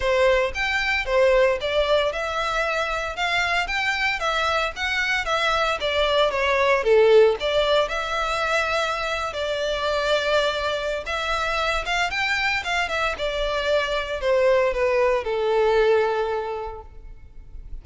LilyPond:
\new Staff \with { instrumentName = "violin" } { \time 4/4 \tempo 4 = 114 c''4 g''4 c''4 d''4 | e''2 f''4 g''4 | e''4 fis''4 e''4 d''4 | cis''4 a'4 d''4 e''4~ |
e''4.~ e''16 d''2~ d''16~ | d''4 e''4. f''8 g''4 | f''8 e''8 d''2 c''4 | b'4 a'2. | }